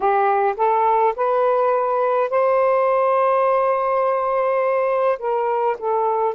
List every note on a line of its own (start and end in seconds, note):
0.00 0.55 G4
0.56 1.14 A4
1.15 2.30 B4
2.30 5.18 C5
5.19 5.76 A#4
5.78 6.34 A4